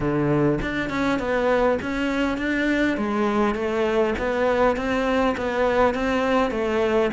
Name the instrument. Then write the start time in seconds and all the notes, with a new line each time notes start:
cello
0.00 D3
0.61 D4
0.89 C#4
1.19 B3
1.81 C#4
2.37 D4
2.97 G#3
3.54 A3
4.18 B3
4.76 C4
5.37 B3
5.94 C4
6.50 A3